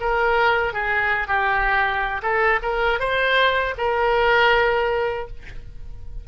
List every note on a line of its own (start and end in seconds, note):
0.00 0.73 A#4
0.73 1.27 G#4
1.27 2.21 G4
2.22 2.59 A4
2.62 2.99 A#4
2.99 3.74 C5
3.77 5.27 A#4